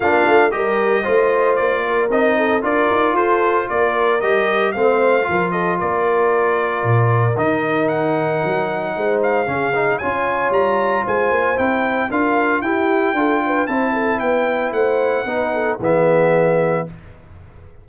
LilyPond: <<
  \new Staff \with { instrumentName = "trumpet" } { \time 4/4 \tempo 4 = 114 f''4 dis''2 d''4 | dis''4 d''4 c''4 d''4 | dis''4 f''4. dis''8 d''4~ | d''2 dis''4 fis''4~ |
fis''4. f''4. gis''4 | ais''4 gis''4 g''4 f''4 | g''2 a''4 g''4 | fis''2 e''2 | }
  \new Staff \with { instrumentName = "horn" } { \time 4/4 f'4 ais'4 c''4. ais'8~ | ais'8 a'8 ais'4 a'4 ais'4~ | ais'4 c''4 ais'8 a'8 ais'4~ | ais'1~ |
ais'4 c''4 gis'4 cis''4~ | cis''4 c''2 ais'4 | g'4 a'8 b'8 c''8 a'8 b'4 | c''4 b'8 a'8 gis'2 | }
  \new Staff \with { instrumentName = "trombone" } { \time 4/4 d'4 g'4 f'2 | dis'4 f'2. | g'4 c'4 f'2~ | f'2 dis'2~ |
dis'2 cis'8 dis'8 f'4~ | f'2 e'4 f'4 | e'4 f'4 e'2~ | e'4 dis'4 b2 | }
  \new Staff \with { instrumentName = "tuba" } { \time 4/4 ais8 a8 g4 a4 ais4 | c'4 d'8 dis'8 f'4 ais4 | g4 a4 f4 ais4~ | ais4 ais,4 dis2 |
fis4 gis4 cis4 cis'4 | g4 gis8 ais8 c'4 d'4 | e'4 d'4 c'4 b4 | a4 b4 e2 | }
>>